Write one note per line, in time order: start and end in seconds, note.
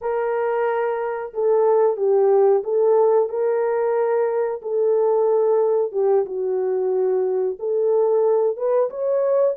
0.01 1.33 A#4
1.33 1.96 A4
1.96 2.62 G4
2.63 3.29 A4
3.29 4.61 A#4
4.62 5.92 A4
5.92 6.25 G4
6.25 7.57 F#4
7.59 8.56 A4
8.56 8.89 B4
8.90 9.55 C#5